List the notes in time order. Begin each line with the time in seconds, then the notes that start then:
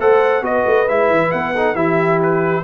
0.00 A3 A4 C5 F#5
0.42 B3 F#4 B4 D#5
0.67 A3
0.88 G#3 E4 E5
1.11 E3
1.31 B3 F#5
1.54 D#4 A4
1.75 E3 E4 G4 E5
2.23 B4